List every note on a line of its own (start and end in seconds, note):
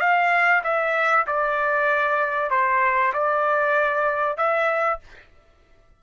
0.00 0.62 F5
0.63 1.26 E5
1.27 2.50 D5
2.50 3.13 C5
3.13 4.37 D5
4.37 4.99 E5